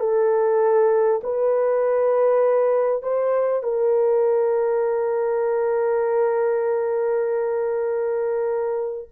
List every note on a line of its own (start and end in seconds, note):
0.00 1.21 A4
1.24 3.03 B4
3.03 3.63 C5
3.63 9.09 A#4